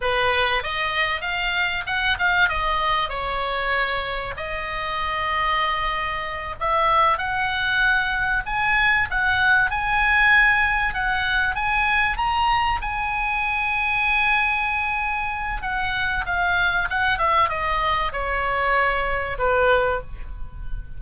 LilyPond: \new Staff \with { instrumentName = "oboe" } { \time 4/4 \tempo 4 = 96 b'4 dis''4 f''4 fis''8 f''8 | dis''4 cis''2 dis''4~ | dis''2~ dis''8 e''4 fis''8~ | fis''4. gis''4 fis''4 gis''8~ |
gis''4. fis''4 gis''4 ais''8~ | ais''8 gis''2.~ gis''8~ | gis''4 fis''4 f''4 fis''8 e''8 | dis''4 cis''2 b'4 | }